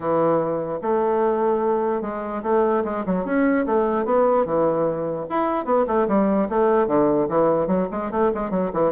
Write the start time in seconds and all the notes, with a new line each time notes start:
0.00 E3
0.81 A3
2.01 G#3
2.43 A3
2.84 G#3
3.06 F#3
3.25 C#4
3.66 A3
4.05 B3
4.45 E3
5.29 E4
5.65 B3
5.87 A3
6.08 G3
6.49 A3
6.87 D3
7.28 E3
7.67 F#3
7.91 G#3
8.11 A3
8.34 G#3
8.50 F#3
8.73 E3